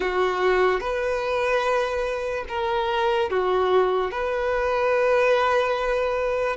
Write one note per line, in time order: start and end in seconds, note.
0.00 0.80 F#4
0.80 2.44 B4
2.48 3.30 A#4
3.30 4.11 F#4
4.11 6.56 B4